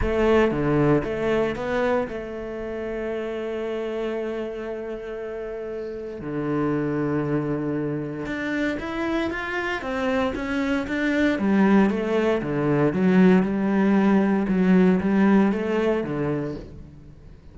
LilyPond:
\new Staff \with { instrumentName = "cello" } { \time 4/4 \tempo 4 = 116 a4 d4 a4 b4 | a1~ | a1 | d1 |
d'4 e'4 f'4 c'4 | cis'4 d'4 g4 a4 | d4 fis4 g2 | fis4 g4 a4 d4 | }